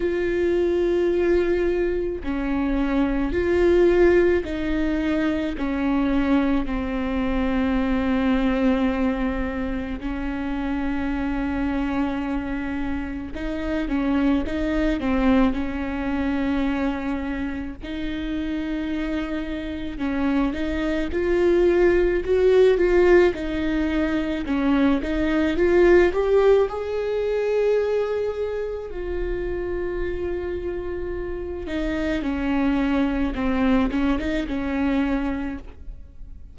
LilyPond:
\new Staff \with { instrumentName = "viola" } { \time 4/4 \tempo 4 = 54 f'2 cis'4 f'4 | dis'4 cis'4 c'2~ | c'4 cis'2. | dis'8 cis'8 dis'8 c'8 cis'2 |
dis'2 cis'8 dis'8 f'4 | fis'8 f'8 dis'4 cis'8 dis'8 f'8 g'8 | gis'2 f'2~ | f'8 dis'8 cis'4 c'8 cis'16 dis'16 cis'4 | }